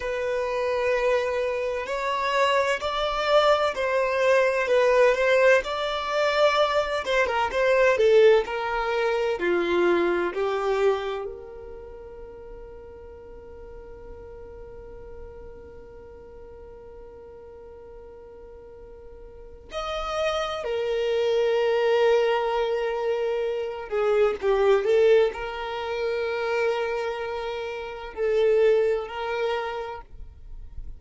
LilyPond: \new Staff \with { instrumentName = "violin" } { \time 4/4 \tempo 4 = 64 b'2 cis''4 d''4 | c''4 b'8 c''8 d''4. c''16 ais'16 | c''8 a'8 ais'4 f'4 g'4 | ais'1~ |
ais'1~ | ais'4 dis''4 ais'2~ | ais'4. gis'8 g'8 a'8 ais'4~ | ais'2 a'4 ais'4 | }